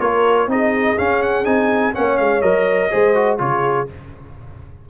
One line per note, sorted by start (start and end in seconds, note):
0.00 0.47 A#3
0.00 0.48 F4
0.00 0.49 A#4
0.00 0.48 C#5
0.47 0.95 C4
0.47 0.97 D#4
0.47 1.96 G#4
0.47 0.98 D#5
0.98 1.44 C#4
0.98 1.45 C#4
0.98 1.22 F5
1.22 1.45 F#5
1.44 1.93 C4
1.44 1.92 D#4
1.44 1.93 G#5
1.93 2.19 A#3
1.93 2.41 C#4
1.93 2.91 C#5
1.93 2.17 F#5
2.17 2.42 G#3
2.17 2.41 F5
2.41 2.90 F#3
2.41 2.90 A#4
2.41 3.38 D#5
2.90 3.40 G#3
2.90 3.15 G#4
2.90 3.39 C5
3.15 3.38 F#4
3.38 3.88 C#3
3.38 3.87 F4
3.38 3.89 G#4
3.38 3.88 C#5